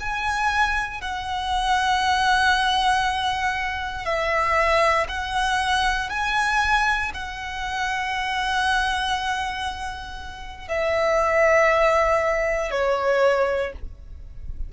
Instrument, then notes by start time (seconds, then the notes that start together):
violin
0.00 G#5
1.01 F#5
4.05 E5
5.08 F#5
6.10 G#5
7.14 F#5
10.68 E5
12.71 C#5